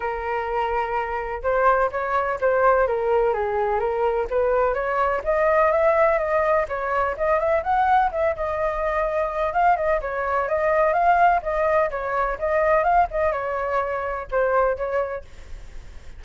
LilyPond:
\new Staff \with { instrumentName = "flute" } { \time 4/4 \tempo 4 = 126 ais'2. c''4 | cis''4 c''4 ais'4 gis'4 | ais'4 b'4 cis''4 dis''4 | e''4 dis''4 cis''4 dis''8 e''8 |
fis''4 e''8 dis''2~ dis''8 | f''8 dis''8 cis''4 dis''4 f''4 | dis''4 cis''4 dis''4 f''8 dis''8 | cis''2 c''4 cis''4 | }